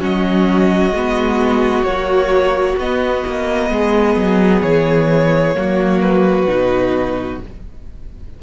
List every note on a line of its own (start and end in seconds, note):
0.00 0.91 F#3
0.00 0.92 C#4
0.00 3.69 F#4
0.00 1.84 D#5
0.91 1.84 G#3
0.91 1.87 B3
1.84 2.79 F#3
1.84 2.76 A#3
1.84 2.76 C#5
2.77 3.23 B3
2.77 5.54 B3
2.77 4.62 D#5
3.27 3.70 A#3
3.70 4.16 G#3
3.70 5.57 G#4
4.16 4.62 F#3
4.62 5.55 E3
4.62 6.01 C#5
5.54 6.48 F#3
5.54 6.47 A#3
5.54 7.43 F#4
6.01 7.39 B4
6.48 7.40 B2
6.48 7.41 D#4